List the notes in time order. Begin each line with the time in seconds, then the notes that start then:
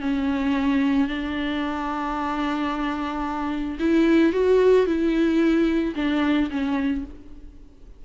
0.00 C#4
1.07 D4
3.79 E4
4.32 F#4
4.86 E4
5.95 D4
6.50 C#4